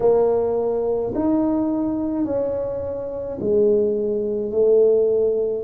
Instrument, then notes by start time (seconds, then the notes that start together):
tuba
0.00 A#3
1.14 D#4
2.24 C#4
3.40 G#3
4.51 A3